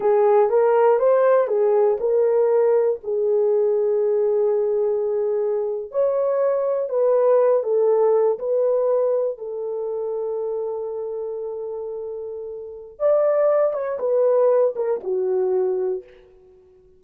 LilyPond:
\new Staff \with { instrumentName = "horn" } { \time 4/4 \tempo 4 = 120 gis'4 ais'4 c''4 gis'4 | ais'2 gis'2~ | gis'2.~ gis'8. cis''16~ | cis''4.~ cis''16 b'4. a'8.~ |
a'8. b'2 a'4~ a'16~ | a'1~ | a'2 d''4. cis''8 | b'4. ais'8 fis'2 | }